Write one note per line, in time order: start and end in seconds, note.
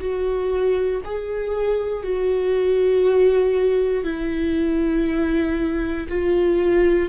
0.00 1.02 F#4
1.04 2.03 G#4
2.03 4.04 F#4
4.04 6.07 E4
6.09 7.09 F4